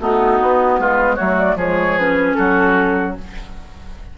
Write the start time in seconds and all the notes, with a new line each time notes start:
0.00 A3 B3 D#4 F#4
0.42 B3
0.79 G#3 F4 B4
1.15 F#3 A3 F#4 C#5
1.38 D5
1.55 F3 G#3 G#4 C#5
1.98 C#4 B4
2.34 F#3 F#4 A4